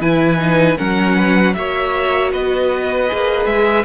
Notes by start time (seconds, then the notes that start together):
0.00 E3 E4 B4 G#5
0.38 D#4
0.77 F#3 C#4 A#4 F#5
1.16 B4
1.54 A#3 F#4 C#5 E5
2.32 B3 B4 D#5
3.08 A#3 G#4
3.46 G#3 E5